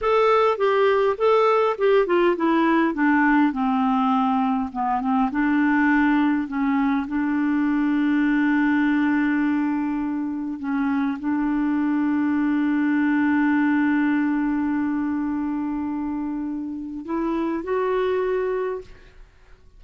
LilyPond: \new Staff \with { instrumentName = "clarinet" } { \time 4/4 \tempo 4 = 102 a'4 g'4 a'4 g'8 f'8 | e'4 d'4 c'2 | b8 c'8 d'2 cis'4 | d'1~ |
d'2 cis'4 d'4~ | d'1~ | d'1~ | d'4 e'4 fis'2 | }